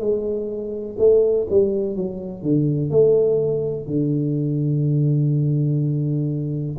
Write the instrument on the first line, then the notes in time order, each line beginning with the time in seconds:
tuba
0.00 G#3
0.99 A3
1.50 G3
1.96 F#3
2.43 D3
2.91 A3
3.87 D3